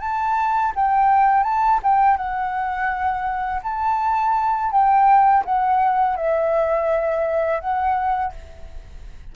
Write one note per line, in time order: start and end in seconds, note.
0.00 0.72 A5
0.75 1.44 G5
1.44 1.80 A5
1.83 2.17 G5
2.17 3.61 F#5
3.63 4.71 A5
4.71 5.43 G5
5.45 6.16 F#5
6.16 7.60 E5
7.60 8.33 F#5